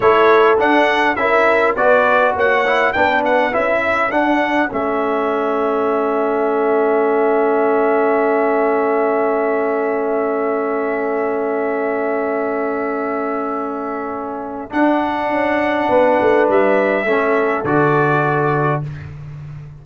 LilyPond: <<
  \new Staff \with { instrumentName = "trumpet" } { \time 4/4 \tempo 4 = 102 cis''4 fis''4 e''4 d''4 | fis''4 g''8 fis''8 e''4 fis''4 | e''1~ | e''1~ |
e''1~ | e''1~ | e''4 fis''2. | e''2 d''2 | }
  \new Staff \with { instrumentName = "horn" } { \time 4/4 a'2 ais'4 b'4 | cis''4 b'4. a'4.~ | a'1~ | a'1~ |
a'1~ | a'1~ | a'2. b'4~ | b'4 a'2. | }
  \new Staff \with { instrumentName = "trombone" } { \time 4/4 e'4 d'4 e'4 fis'4~ | fis'8 e'8 d'4 e'4 d'4 | cis'1~ | cis'1~ |
cis'1~ | cis'1~ | cis'4 d'2.~ | d'4 cis'4 fis'2 | }
  \new Staff \with { instrumentName = "tuba" } { \time 4/4 a4 d'4 cis'4 b4 | ais4 b4 cis'4 d'4 | a1~ | a1~ |
a1~ | a1~ | a4 d'4 cis'4 b8 a8 | g4 a4 d2 | }
>>